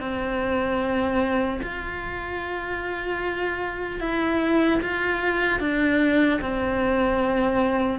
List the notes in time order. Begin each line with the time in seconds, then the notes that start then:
0.00 C4
1.62 F4
4.00 E4
4.82 F4
5.60 D4
6.41 C4